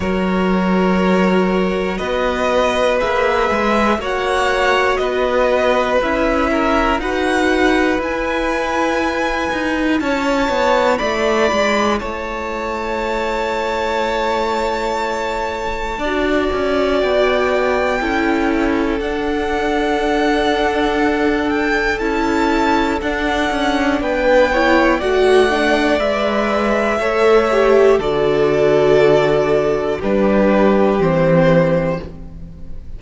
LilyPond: <<
  \new Staff \with { instrumentName = "violin" } { \time 4/4 \tempo 4 = 60 cis''2 dis''4 e''4 | fis''4 dis''4 e''4 fis''4 | gis''2 a''4 b''4 | a''1~ |
a''4 g''2 fis''4~ | fis''4. g''8 a''4 fis''4 | g''4 fis''4 e''2 | d''2 b'4 c''4 | }
  \new Staff \with { instrumentName = "violin" } { \time 4/4 ais'2 b'2 | cis''4 b'4. ais'8 b'4~ | b'2 cis''4 d''4 | cis''1 |
d''2 a'2~ | a'1 | b'8 cis''8 d''2 cis''4 | a'2 g'2 | }
  \new Staff \with { instrumentName = "viola" } { \time 4/4 fis'2. gis'4 | fis'2 e'4 fis'4 | e'1~ | e'1 |
fis'2 e'4 d'4~ | d'2 e'4 d'4~ | d'8 e'8 fis'8 d'8 b'4 a'8 g'8 | fis'2 d'4 c'4 | }
  \new Staff \with { instrumentName = "cello" } { \time 4/4 fis2 b4 ais8 gis8 | ais4 b4 cis'4 dis'4 | e'4. dis'8 cis'8 b8 a8 gis8 | a1 |
d'8 cis'8 b4 cis'4 d'4~ | d'2 cis'4 d'8 cis'8 | b4 a4 gis4 a4 | d2 g4 e4 | }
>>